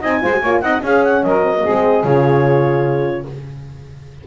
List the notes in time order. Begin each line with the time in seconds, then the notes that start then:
0.00 C4 D#4 D#5 G#5
0.21 G#3 F4 C5
0.32 F#4
0.40 A#3 F4 C#5
0.60 C4 D#4 D#5 F#5
0.80 C#4 G#4 F5
1.04 F#5
1.23 F#3 A#4 D#5
1.42 C4
1.56 A#3 G#4
1.65 G#3 C4
2.04 C#3 F4 C#5